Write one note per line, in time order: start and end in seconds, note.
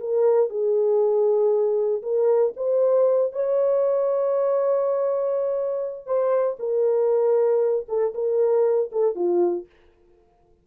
0.00 0.49 A#4
0.49 2.02 G#4
2.02 2.53 A#4
2.56 3.33 C5
3.33 6.06 C#5
6.06 6.57 C5
6.59 7.86 A#4
7.88 8.14 A4
8.14 8.91 A#4
8.92 9.15 A4
9.15 9.66 F4